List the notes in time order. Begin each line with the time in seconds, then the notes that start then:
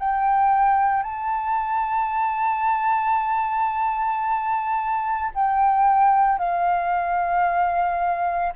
0.00 G5
1.03 A5
5.35 G5
6.39 F5